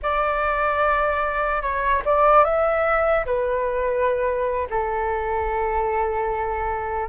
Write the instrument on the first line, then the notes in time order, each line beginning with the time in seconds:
flute
0.02 D5
1.62 C#5
2.05 D5
2.44 E5
3.25 B4
4.70 A4